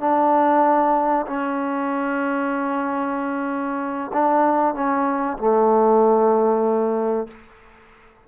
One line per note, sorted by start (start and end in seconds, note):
0.00 1.26 D4
1.27 4.11 C#4
4.13 4.75 D4
4.75 5.38 C#4
5.38 7.28 A3